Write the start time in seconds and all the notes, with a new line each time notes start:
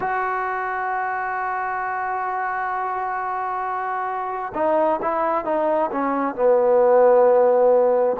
0.00 F#4
4.54 D#4
5.02 E4
5.45 D#4
5.91 C#4
6.35 B3